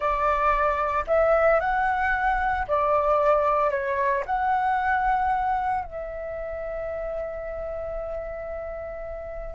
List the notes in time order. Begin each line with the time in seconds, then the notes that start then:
0.00 D5
1.07 E5
1.60 F#5
2.67 D5
3.70 C#5
4.26 F#5
5.84 E5